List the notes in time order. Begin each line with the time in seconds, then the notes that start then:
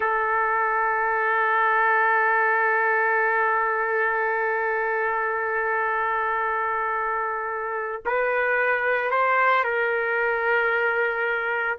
0.00 A4
8.05 B4
9.10 C5
9.64 A#4